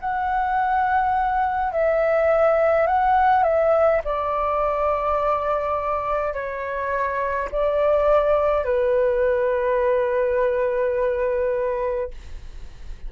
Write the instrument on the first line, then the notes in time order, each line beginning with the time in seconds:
flute
0.00 F#5
1.72 E5
2.86 F#5
3.43 E5
4.04 D5
6.34 C#5
7.52 D5
8.64 B4